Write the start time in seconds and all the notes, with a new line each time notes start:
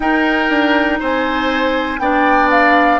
0.00 D#4 A#4 G5
0.49 D4
0.99 C4 C5 G#5
1.99 B3 D4 D5 G5
2.50 F5